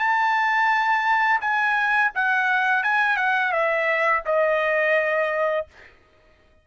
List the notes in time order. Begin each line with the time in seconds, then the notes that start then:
0.00 A5
1.41 G#5
2.15 F#5
2.84 G#5
3.17 F#5
3.53 E5
4.26 D#5